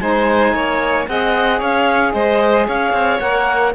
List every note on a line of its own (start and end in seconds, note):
0.00 0.54 G#3
0.00 1.07 D#4
0.00 0.54 C5
0.00 1.07 G#5
0.54 1.07 A#3
0.54 1.08 C#5
1.08 1.62 C4
1.08 3.21 G#4
1.08 1.59 D#5
1.08 1.62 F#5
1.59 2.14 C#4
1.59 2.13 C#5
1.59 2.13 F5
2.13 2.68 G#3
2.13 2.67 C5
2.13 2.67 D#5
2.67 2.93 C#4
2.67 3.74 C#5
2.67 3.20 F5
2.93 3.20 C4
3.20 3.75 A#3
3.20 3.74 A#4
3.20 3.73 F#5